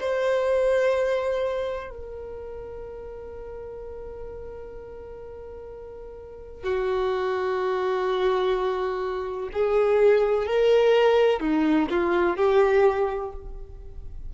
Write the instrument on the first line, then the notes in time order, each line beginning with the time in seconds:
violin
0.00 C5
1.90 A#4
6.63 F#4
9.53 G#4
10.46 A#4
11.40 D#4
11.90 F4
12.37 G4